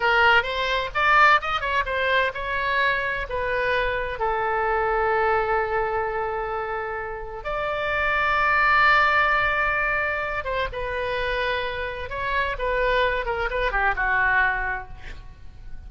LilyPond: \new Staff \with { instrumentName = "oboe" } { \time 4/4 \tempo 4 = 129 ais'4 c''4 d''4 dis''8 cis''8 | c''4 cis''2 b'4~ | b'4 a'2.~ | a'1 |
d''1~ | d''2~ d''8 c''8 b'4~ | b'2 cis''4 b'4~ | b'8 ais'8 b'8 g'8 fis'2 | }